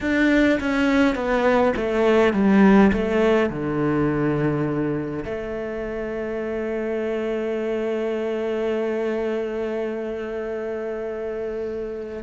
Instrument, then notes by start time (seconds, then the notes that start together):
cello
0.01 D4
0.60 C#4
1.15 B3
1.76 A3
2.33 G3
2.92 A3
3.49 D3
5.24 A3